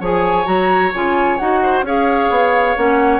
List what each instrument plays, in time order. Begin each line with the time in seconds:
0.00 bassoon F3, clarinet G#4, oboe C#5, flute G#5
0.44 bassoon F#3, clarinet F#4, flute A#5
0.94 bassoon C#3, clarinet F4, flute G#5
1.38 bassoon D#4, clarinet F#4, flute F#5
1.62 oboe C5
1.82 bassoon C#4, clarinet G#4, oboe C#5, flute F5
2.30 bassoon B3
2.76 bassoon A#3, clarinet C#4, flute F#5